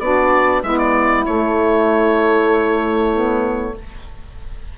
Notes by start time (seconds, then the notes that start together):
0.00 B3 D4 F#4 D5
0.62 G#3 B3 E4 E5
0.78 D5
1.26 A3 C#5
3.13 B3